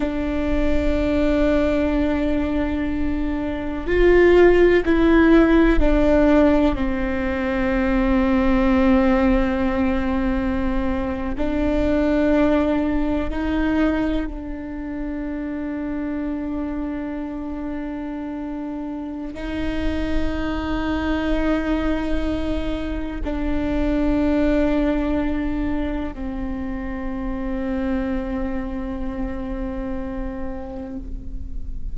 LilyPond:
\new Staff \with { instrumentName = "viola" } { \time 4/4 \tempo 4 = 62 d'1 | f'4 e'4 d'4 c'4~ | c'2.~ c'8. d'16~ | d'4.~ d'16 dis'4 d'4~ d'16~ |
d'1 | dis'1 | d'2. c'4~ | c'1 | }